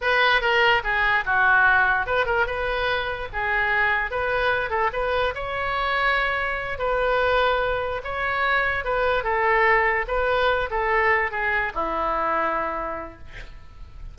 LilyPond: \new Staff \with { instrumentName = "oboe" } { \time 4/4 \tempo 4 = 146 b'4 ais'4 gis'4 fis'4~ | fis'4 b'8 ais'8 b'2 | gis'2 b'4. a'8 | b'4 cis''2.~ |
cis''8 b'2. cis''8~ | cis''4. b'4 a'4.~ | a'8 b'4. a'4. gis'8~ | gis'8 e'2.~ e'8 | }